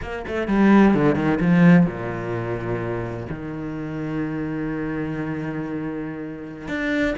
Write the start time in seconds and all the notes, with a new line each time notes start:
0.01 A#3
0.27 A3
0.47 G3
0.94 D3
1.15 D#3
1.40 F3
1.86 A#2
3.29 D#3
6.68 D4